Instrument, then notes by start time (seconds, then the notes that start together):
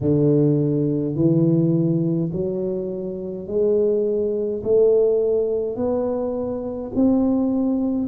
tuba
0.01 D3
1.15 E3
2.32 F#3
3.47 G#3
4.63 A3
5.76 B3
6.95 C4